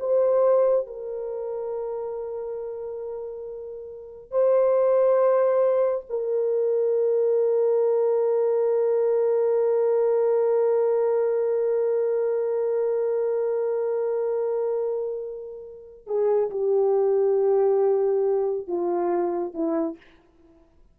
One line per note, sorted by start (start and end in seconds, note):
0.00 0.87 C5
0.87 4.32 A#4
4.32 6.06 C5
6.10 16.07 A#4
16.07 16.51 G#4
16.51 18.68 G4
18.68 19.54 F4
19.54 19.98 E4